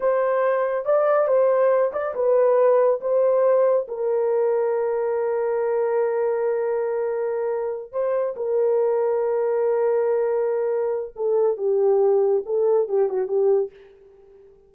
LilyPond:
\new Staff \with { instrumentName = "horn" } { \time 4/4 \tempo 4 = 140 c''2 d''4 c''4~ | c''8 d''8 b'2 c''4~ | c''4 ais'2.~ | ais'1~ |
ais'2~ ais'8 c''4 ais'8~ | ais'1~ | ais'2 a'4 g'4~ | g'4 a'4 g'8 fis'8 g'4 | }